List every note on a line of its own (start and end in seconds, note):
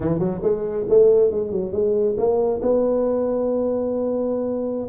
0.00 0.19 E3
0.19 0.41 F#3
0.42 0.86 G#3
0.89 1.31 A3
1.31 1.51 G#3
1.51 1.72 F#3
1.72 2.16 G#3
2.17 2.61 A#3
2.61 4.88 B3